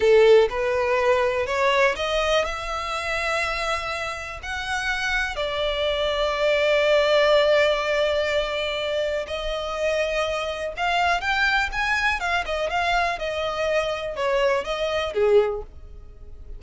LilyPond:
\new Staff \with { instrumentName = "violin" } { \time 4/4 \tempo 4 = 123 a'4 b'2 cis''4 | dis''4 e''2.~ | e''4 fis''2 d''4~ | d''1~ |
d''2. dis''4~ | dis''2 f''4 g''4 | gis''4 f''8 dis''8 f''4 dis''4~ | dis''4 cis''4 dis''4 gis'4 | }